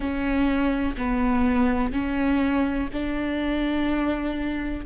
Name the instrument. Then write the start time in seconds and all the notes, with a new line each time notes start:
viola
0.00 C#4
0.97 B3
1.92 C#4
2.93 D4